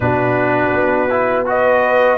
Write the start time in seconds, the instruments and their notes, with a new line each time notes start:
0.00 tuba B2, trombone D4, horn F#4, trumpet B4
0.71 tuba B3
1.09 trombone E4
1.45 trombone F#4, horn B4, trumpet D#5